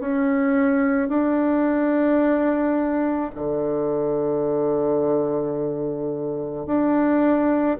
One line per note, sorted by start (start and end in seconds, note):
0.00 1.09 C#4
1.09 3.31 D4
3.35 6.66 D3
6.66 7.77 D4